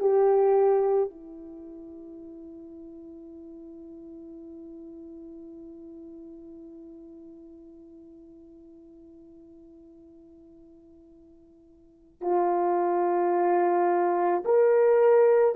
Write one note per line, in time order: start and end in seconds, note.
0.00 1.10 G4
1.10 12.21 E4
12.21 14.43 F4
14.45 15.56 A#4